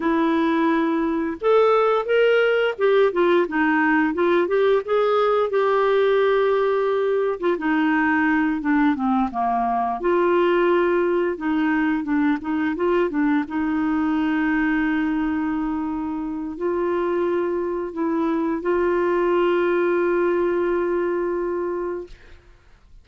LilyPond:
\new Staff \with { instrumentName = "clarinet" } { \time 4/4 \tempo 4 = 87 e'2 a'4 ais'4 | g'8 f'8 dis'4 f'8 g'8 gis'4 | g'2~ g'8. f'16 dis'4~ | dis'8 d'8 c'8 ais4 f'4.~ |
f'8 dis'4 d'8 dis'8 f'8 d'8 dis'8~ | dis'1 | f'2 e'4 f'4~ | f'1 | }